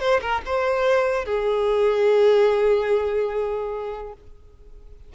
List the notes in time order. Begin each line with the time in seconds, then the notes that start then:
0.00 C5
0.21 A#4
0.46 C5
1.26 G#4